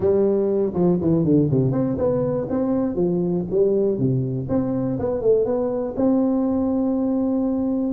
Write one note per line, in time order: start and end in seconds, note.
0.00 0.73 G3
0.74 0.98 F3
1.01 1.24 E3
1.24 1.49 D3
1.50 1.72 C3
1.72 1.96 C4
1.98 2.47 B3
2.49 2.95 C4
2.95 3.44 F3
3.50 3.97 G3
3.97 4.47 C3
4.49 4.98 C4
4.99 5.21 B3
5.21 5.45 A3
5.45 5.95 B3
5.96 7.92 C4